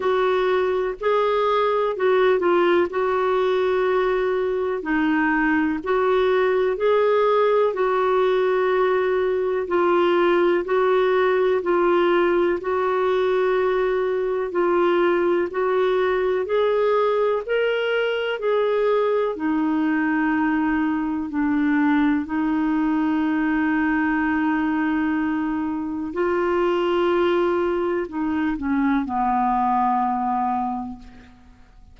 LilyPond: \new Staff \with { instrumentName = "clarinet" } { \time 4/4 \tempo 4 = 62 fis'4 gis'4 fis'8 f'8 fis'4~ | fis'4 dis'4 fis'4 gis'4 | fis'2 f'4 fis'4 | f'4 fis'2 f'4 |
fis'4 gis'4 ais'4 gis'4 | dis'2 d'4 dis'4~ | dis'2. f'4~ | f'4 dis'8 cis'8 b2 | }